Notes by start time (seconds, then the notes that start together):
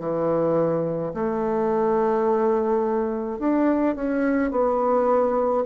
0.00 E3
1.14 A3
3.40 D4
3.96 C#4
4.51 B3